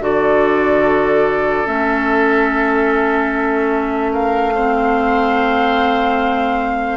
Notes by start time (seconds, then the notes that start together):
0.00 D3 F#4 A4 D5
1.65 A3 C#4 E5
4.12 A#4 F5
4.55 C4 C5